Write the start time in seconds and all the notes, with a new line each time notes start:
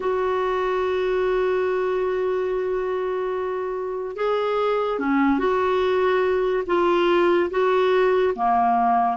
0.00 F#4
4.16 G#4
4.98 C#4
5.38 F#4
6.66 F4
7.50 F#4
8.35 A#3